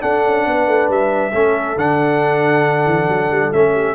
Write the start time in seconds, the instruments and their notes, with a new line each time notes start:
0.00 trombone D4, tuba D4, horn A4, trumpet F#5
0.24 tuba C#4
0.46 tuba B3, horn B4
0.67 tuba A3
0.89 tuba G3, trumpet E5
1.32 tuba A3, trombone C#4, horn A4
1.76 tuba D3, trombone D4, trumpet F#5
2.85 tuba E3
3.08 tuba F#3
3.30 tuba G3
3.52 tuba A3, trombone C#4, trumpet E5
3.72 horn G4